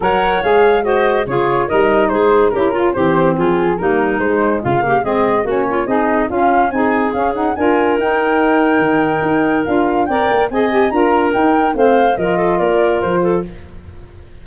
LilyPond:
<<
  \new Staff \with { instrumentName = "flute" } { \time 4/4 \tempo 4 = 143 fis''4 f''4 dis''4 cis''4 | dis''4 c''4 ais'4 c''4 | gis'4 ais'4 c''4 f''4 | dis''4 cis''4 dis''4 f''4 |
gis''4 f''8 fis''8 gis''4 g''4~ | g''2. f''4 | g''4 gis''4 ais''4 g''4 | f''4 dis''4 d''4 c''4 | }
  \new Staff \with { instrumentName = "clarinet" } { \time 4/4 cis''2 c''4 gis'4 | ais'4 gis'4 g'8 f'8 g'4 | f'4 dis'2 f'8 g'8 | gis'4 fis'8 f'8 dis'4 cis'4 |
gis'2 ais'2~ | ais'1 | d''4 dis''4 ais'2 | c''4 ais'8 a'8 ais'4. a'8 | }
  \new Staff \with { instrumentName = "saxophone" } { \time 4/4 ais'4 gis'4 fis'4 f'4 | dis'2 e'8 f'8 c'4~ | c'4 ais4 gis4. ais8 | c'4 cis'4 gis'4 f'4 |
dis'4 cis'8 dis'8 f'4 dis'4~ | dis'2. f'4 | ais'4 gis'8 g'8 f'4 dis'4 | c'4 f'2. | }
  \new Staff \with { instrumentName = "tuba" } { \time 4/4 fis4 gis2 cis4 | g4 gis4 cis'4 e4 | f4 g4 gis4 cis4 | gis4 ais4 c'4 cis'4 |
c'4 cis'4 d'4 dis'4~ | dis'4 dis4 dis'4 d'4 | c'8 ais8 c'4 d'4 dis'4 | a4 f4 ais4 f4 | }
>>